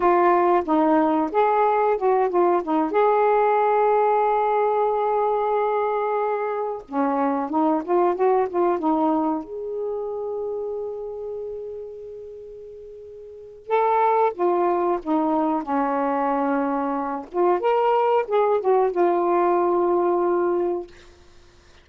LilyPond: \new Staff \with { instrumentName = "saxophone" } { \time 4/4 \tempo 4 = 92 f'4 dis'4 gis'4 fis'8 f'8 | dis'8 gis'2.~ gis'8~ | gis'2~ gis'8 cis'4 dis'8 | f'8 fis'8 f'8 dis'4 gis'4.~ |
gis'1~ | gis'4 a'4 f'4 dis'4 | cis'2~ cis'8 f'8 ais'4 | gis'8 fis'8 f'2. | }